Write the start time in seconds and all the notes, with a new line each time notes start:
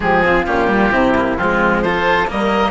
0.00 F3 G#3 G4 G#4
0.24 C4 F4
0.45 A#2 C#4 G4
0.67 G3
0.91 C3 C4 E4
1.15 A#3
1.36 F3 G#3 C4 F4
1.82 F4 A4 C5
2.27 G3 A#3 A#4 D#5